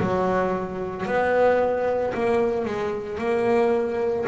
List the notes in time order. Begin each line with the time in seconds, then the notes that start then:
0.00 F#3
1.06 B3
2.14 A#3
2.65 G#3
3.19 A#3